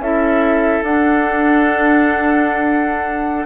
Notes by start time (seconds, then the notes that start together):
0.00 C#4 E4 A4 E5
0.83 D4 F#5